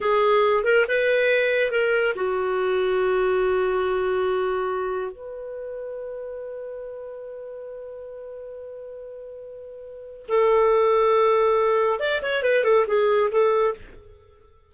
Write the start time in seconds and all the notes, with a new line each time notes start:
0.01 G#4
0.64 A#4
0.88 B4
1.71 A#4
2.15 F#4
5.11 B4
10.28 A4
11.99 D5
12.22 C#5
12.42 B4
12.64 A4
12.87 G#4
13.31 A4